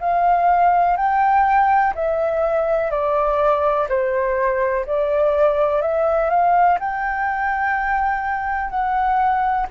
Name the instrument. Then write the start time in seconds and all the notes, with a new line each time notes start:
flute
0.00 F5
0.97 G5
1.95 E5
2.91 D5
3.89 C5
4.86 D5
5.82 E5
6.30 F5
6.80 G5
8.70 F#5